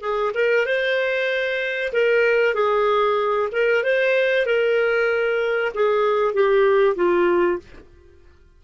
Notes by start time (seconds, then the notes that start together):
0.00 G#4
0.34 A#4
0.66 C5
1.92 A#4
2.54 G#4
3.52 A#4
3.83 C5
4.46 A#4
5.74 G#4
6.34 G4
6.95 F4